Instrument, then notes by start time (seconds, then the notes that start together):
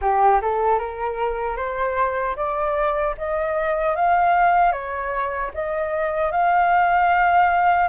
flute
0.01 G4
0.41 A4
0.78 A#4
1.56 C5
2.36 D5
3.17 D#5
3.95 F5
4.72 C#5
5.54 D#5
6.31 F5